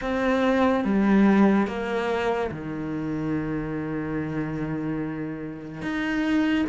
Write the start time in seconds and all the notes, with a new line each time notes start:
0.01 C4
0.84 G3
1.67 A#3
2.51 D#3
5.81 D#4